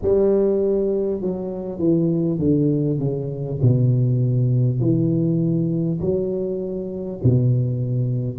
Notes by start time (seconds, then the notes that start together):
0.02 G3
1.21 F#3
1.78 E3
2.38 D3
2.98 C#3
3.62 B2
4.79 E3
6.00 F#3
7.23 B2